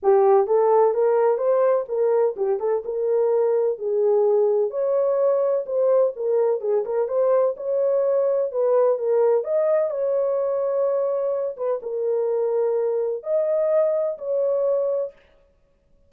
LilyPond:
\new Staff \with { instrumentName = "horn" } { \time 4/4 \tempo 4 = 127 g'4 a'4 ais'4 c''4 | ais'4 g'8 a'8 ais'2 | gis'2 cis''2 | c''4 ais'4 gis'8 ais'8 c''4 |
cis''2 b'4 ais'4 | dis''4 cis''2.~ | cis''8 b'8 ais'2. | dis''2 cis''2 | }